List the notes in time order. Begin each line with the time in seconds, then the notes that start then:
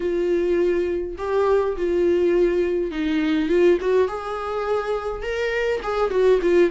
0.00 F4
1.18 G4
1.76 F4
2.91 D#4
3.48 F4
3.80 F#4
4.08 G#4
5.22 A#4
5.83 G#4
6.10 F#4
6.42 F4